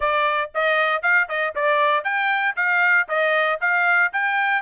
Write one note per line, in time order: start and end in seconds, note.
0.00 0.51 D5
0.54 1.02 D#5
1.02 1.28 F5
1.28 1.54 D#5
1.55 2.03 D5
2.03 2.55 G5
2.56 3.07 F5
3.08 3.59 D#5
3.60 4.12 F5
4.13 4.61 G5